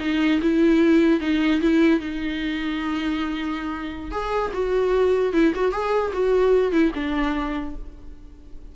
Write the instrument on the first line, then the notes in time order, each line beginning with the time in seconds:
viola
0.00 D#4
0.42 E4
1.20 D#4
1.61 E4
2.00 D#4
4.11 G#4
4.54 F#4
5.33 E4
5.55 F#4
5.72 G#4
6.13 F#4
6.72 E4
6.95 D4